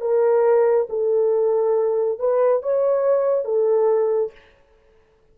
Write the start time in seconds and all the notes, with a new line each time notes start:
0.00 A#4
0.89 A4
2.19 B4
2.62 C#5
3.44 A4